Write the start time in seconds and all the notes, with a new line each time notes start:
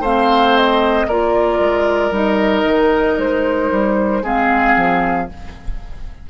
0.00 A3 C4 C5 F5
0.57 D#5
1.06 A#3 F4 A#4 D5
1.59 G#3
2.11 G3 D#4 D#5
2.64 D#3
3.17 G#3 C5
3.71 G3
4.22 G#3 C4 G#4 F5
4.76 F3